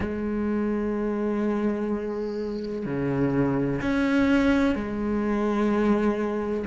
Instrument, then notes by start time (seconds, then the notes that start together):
cello
0.00 G#3
2.85 C#3
3.81 C#4
4.75 G#3